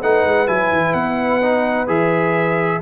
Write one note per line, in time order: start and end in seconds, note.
0.00 0.25 A3
0.00 0.48 D#4
0.00 2.81 B4
0.00 0.48 F#5
0.25 0.49 G#3
0.48 0.72 F#3
0.48 1.42 E4
0.48 0.94 G#5
0.72 0.94 E3
0.94 1.88 B3
0.94 1.88 F#5
1.43 1.88 D#4
1.88 2.82 E3
1.88 2.81 G#4
1.88 2.82 E5